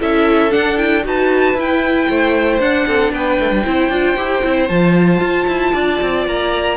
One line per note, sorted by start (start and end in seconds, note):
0.00 0.54 C#4
0.00 0.50 E4
0.00 1.05 A4
0.00 0.52 E5
0.50 0.77 D4
0.50 1.05 D4
0.50 0.77 F#5
0.77 1.03 E4
0.77 1.04 G5
1.03 1.54 D#4
1.03 1.56 F#4
1.03 2.09 B4
1.03 1.59 A5
1.54 2.06 E4
1.54 2.61 E4
1.54 2.60 G5
2.09 2.60 A3
2.09 2.87 C5
2.60 2.86 D4
2.60 3.65 D4
2.60 3.12 F#5
2.87 3.12 C4
2.87 3.13 A4
3.12 3.38 B3
3.12 3.65 B4
3.12 4.68 G5
3.40 3.50 A3
3.50 3.63 G3
3.65 3.89 C4
3.65 3.91 E4
3.65 5.73 C5
3.89 4.15 D4
3.89 4.17 F4
4.17 4.43 E4
4.17 4.43 G4
4.43 4.70 C4
4.43 4.69 E4
4.68 5.20 F3
4.68 6.77 F4
4.68 6.24 A5
5.20 5.46 F4
5.47 5.73 E4
5.73 6.01 D4
5.73 6.77 D5
6.02 6.27 C4
6.27 6.77 A#3
6.27 6.77 A#5